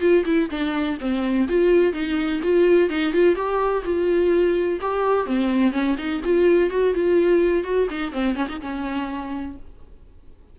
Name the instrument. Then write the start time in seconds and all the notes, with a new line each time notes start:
viola
0.00 F4
0.25 E4
0.50 D4
1.00 C4
1.48 F4
1.93 D#4
2.43 F4
2.89 D#4
3.13 F4
3.35 G4
3.84 F4
4.81 G4
5.26 C4
5.72 C#4
5.98 D#4
6.24 F4
6.70 F#4
6.94 F4
7.64 F#4
7.90 D#4
8.12 C4
8.35 C#4
8.48 D#4
8.61 C#4